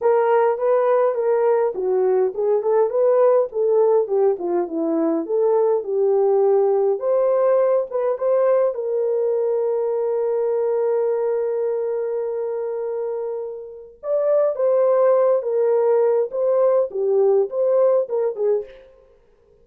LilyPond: \new Staff \with { instrumentName = "horn" } { \time 4/4 \tempo 4 = 103 ais'4 b'4 ais'4 fis'4 | gis'8 a'8 b'4 a'4 g'8 f'8 | e'4 a'4 g'2 | c''4. b'8 c''4 ais'4~ |
ais'1~ | ais'1 | d''4 c''4. ais'4. | c''4 g'4 c''4 ais'8 gis'8 | }